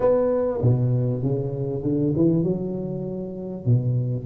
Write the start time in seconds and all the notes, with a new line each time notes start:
0.00 B3
0.62 B2
1.22 C#3
1.83 D3
2.16 E3
2.43 F#3
3.65 B2